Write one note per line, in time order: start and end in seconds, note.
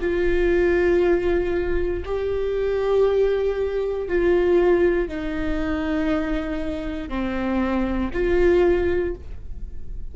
0.00 2.03 F4
2.05 4.08 G4
4.08 5.08 F4
5.08 7.09 D#4
7.09 8.10 C4
8.13 9.15 F4